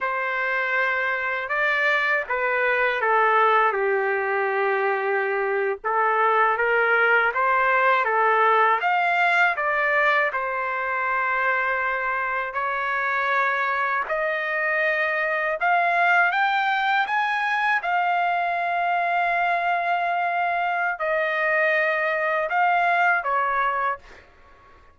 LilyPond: \new Staff \with { instrumentName = "trumpet" } { \time 4/4 \tempo 4 = 80 c''2 d''4 b'4 | a'4 g'2~ g'8. a'16~ | a'8. ais'4 c''4 a'4 f''16~ | f''8. d''4 c''2~ c''16~ |
c''8. cis''2 dis''4~ dis''16~ | dis''8. f''4 g''4 gis''4 f''16~ | f''1 | dis''2 f''4 cis''4 | }